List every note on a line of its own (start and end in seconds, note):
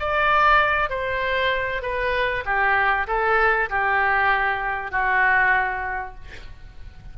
0.00 0.90 D5
0.90 1.82 C5
1.82 2.44 B4
2.45 3.07 G4
3.07 3.69 A4
3.70 4.91 G4
4.91 6.15 F#4